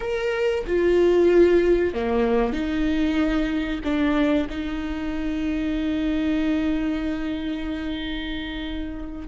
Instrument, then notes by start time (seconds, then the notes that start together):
viola
0.00 A#4
0.66 F4
1.94 A#3
2.52 D#4
3.84 D4
4.49 D#4